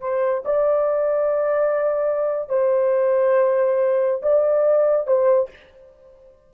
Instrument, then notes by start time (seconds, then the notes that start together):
horn
0.00 C5
0.45 D5
2.49 C5
4.22 D5
5.06 C5